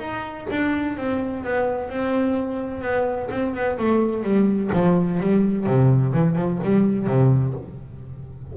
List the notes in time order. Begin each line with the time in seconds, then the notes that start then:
0.00 D#4
0.50 D4
0.97 C4
1.45 B3
1.90 C4
2.82 B3
3.31 C4
3.55 B3
3.79 A3
4.24 G3
4.73 F3
5.20 G3
5.66 C3
6.14 E3
6.36 F3
6.64 G3
7.07 C3